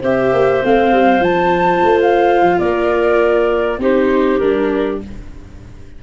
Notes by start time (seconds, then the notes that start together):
0.00 C4 G4 C5 E5
0.32 A#3
0.63 A3 C4 F5
0.92 G3
1.20 F3 F4 A5
1.84 A3
2.02 F5
2.42 F3
2.59 A#3 A#4 D5
3.78 C4 D#4 G4 C5
4.39 G3 D4 A#4